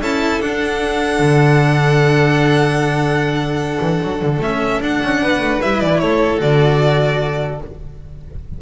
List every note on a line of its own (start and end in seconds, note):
0.00 0.40 C#4
0.00 0.41 E4
0.00 5.21 A4
0.00 0.42 A5
0.41 4.41 D4
0.41 1.19 D4
0.41 4.42 F#5
1.19 3.79 D3
3.81 4.00 E3
4.03 4.22 F#3
4.22 4.38 D3
4.38 4.78 A3
4.38 4.82 C#4
4.38 4.82 E5
4.81 5.00 D4
4.81 5.61 D4
4.81 5.61 F#5
5.03 5.22 C#4
5.22 5.39 B3
5.22 6.02 B4
5.39 5.59 A3
5.61 5.82 G3
5.61 6.38 E4
5.61 5.80 E5
5.80 6.02 E3
5.80 5.99 D5
5.99 6.41 A3
5.99 7.62 A4
5.99 6.39 C#5
6.38 7.61 D3
6.38 7.58 F#4
6.38 7.62 D5